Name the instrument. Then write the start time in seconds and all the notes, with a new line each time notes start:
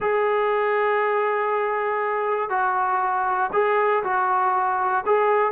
trombone
0.00 G#4
2.49 F#4
3.52 G#4
4.03 F#4
5.06 G#4